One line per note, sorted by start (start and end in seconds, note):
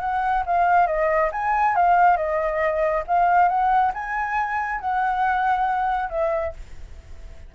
0.00 0.43 F#5
0.46 0.87 F5
0.87 1.30 D#5
1.32 1.75 G#5
1.75 2.17 F5
2.17 3.04 D#5
3.07 3.48 F5
3.48 3.92 F#5
3.94 4.80 G#5
4.80 6.09 F#5
6.09 6.53 E5